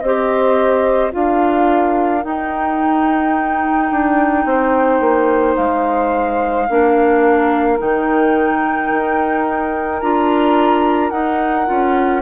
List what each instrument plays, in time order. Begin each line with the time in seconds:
0.00 bassoon C4, clarinet G4, saxophone C5, flute D#5
1.11 bassoon D4, clarinet F4, saxophone A#4, flute F5
2.21 clarinet D#4, bassoon D#4, flute G5
3.91 bassoon D4
4.45 bassoon C4, saxophone C5
5.00 bassoon A#3
5.56 bassoon G#3, flute F5
6.69 bassoon A#3, clarinet D4, saxophone A#4
7.78 bassoon D#3, clarinet D#4, flute G5
8.91 bassoon D#4
10.00 bassoon D4, clarinet F4, flute A#5
11.09 bassoon D#4, clarinet D#4, flute F#5
11.66 bassoon C#4, clarinet F4